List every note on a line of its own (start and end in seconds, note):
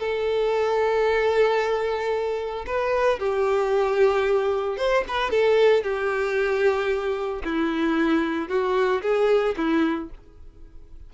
0.00 2.65 A4
2.67 3.20 B4
3.20 4.78 G4
4.78 5.04 C5
5.08 5.31 B4
5.31 5.84 A4
5.84 7.43 G4
7.45 8.49 E4
8.49 9.02 F#4
9.02 9.56 G#4
9.57 10.10 E4